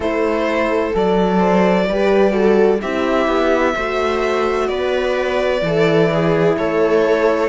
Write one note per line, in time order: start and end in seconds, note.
0.00 0.90 A3
0.00 0.93 E4
0.00 1.38 A4
0.00 0.95 C5
0.93 1.88 F#3
0.93 1.87 A4
0.93 2.81 D5
1.39 1.86 C5
1.88 2.82 G3
1.88 2.30 G4
1.88 2.33 B4
2.30 2.77 F#4
2.30 2.80 A4
2.81 3.27 C4
2.81 3.76 E4
2.81 3.75 G4
2.81 4.68 E5
3.27 3.74 B3
3.75 4.69 A3
3.75 5.62 F#4
3.75 4.68 C5
4.68 5.61 B3
4.68 5.63 B4
4.68 6.55 D5
5.61 6.55 E3
5.61 7.48 E4
5.61 6.12 A4
6.12 6.58 G#4
6.57 7.48 A3
6.57 7.48 A4
6.57 7.48 C#5